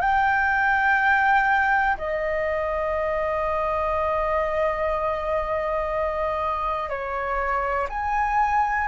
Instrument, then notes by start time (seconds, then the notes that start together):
flute
0.00 G5
1.97 D#5
6.89 C#5
7.89 G#5